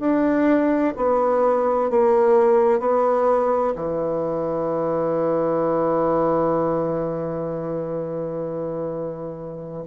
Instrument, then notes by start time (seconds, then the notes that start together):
bassoon
0.00 D4
0.97 B3
1.90 A#3
2.80 B3
3.75 E3